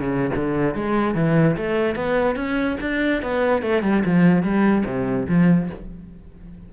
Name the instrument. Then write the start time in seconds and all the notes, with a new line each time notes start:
cello
0.00 C#3
0.35 D3
0.74 G#3
1.15 E3
1.56 A3
1.95 B3
2.35 C#4
2.80 D4
3.22 B3
3.62 A3
3.83 G3
4.05 F3
4.43 G3
4.85 C3
5.28 F3